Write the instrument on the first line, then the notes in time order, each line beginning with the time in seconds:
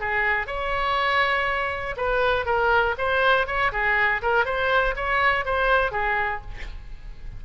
oboe
0.00 G#4
0.47 C#5
1.97 B4
2.46 A#4
2.98 C5
3.47 C#5
3.72 G#4
4.22 A#4
4.45 C5
4.96 C#5
5.45 C5
5.92 G#4